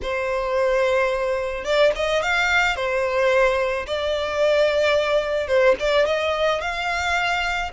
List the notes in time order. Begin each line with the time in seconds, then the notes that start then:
0.02 C5
1.64 D5
1.95 D#5
2.22 F5
2.75 C5
3.86 D5
5.47 C5
5.79 D5
6.06 D#5
6.61 F5